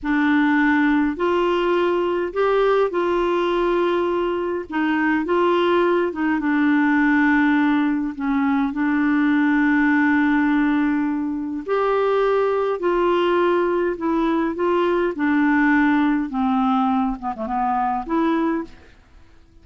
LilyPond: \new Staff \with { instrumentName = "clarinet" } { \time 4/4 \tempo 4 = 103 d'2 f'2 | g'4 f'2. | dis'4 f'4. dis'8 d'4~ | d'2 cis'4 d'4~ |
d'1 | g'2 f'2 | e'4 f'4 d'2 | c'4. b16 a16 b4 e'4 | }